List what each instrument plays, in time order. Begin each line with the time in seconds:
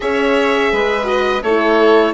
0.00 bassoon C#4, horn G#4, violin C#5, oboe E5
0.71 bassoon G#3, violin B4
1.04 horn F#4, oboe D#5
1.42 bassoon A3, horn E4, violin A4, oboe C#5